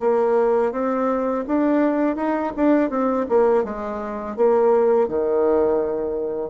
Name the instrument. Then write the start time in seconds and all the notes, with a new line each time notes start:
bassoon
0.00 A#3
0.72 C4
1.47 D4
2.16 D#4
2.56 D4
2.90 C4
3.29 A#3
3.64 G#3
4.37 A#3
5.08 D#3